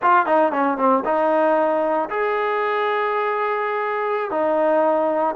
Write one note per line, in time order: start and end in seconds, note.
0.02 0.26 F4
0.26 0.51 D#4
0.51 0.77 C#4
0.77 1.03 C4
1.04 2.09 D#4
2.09 4.30 G#4
4.30 5.35 D#4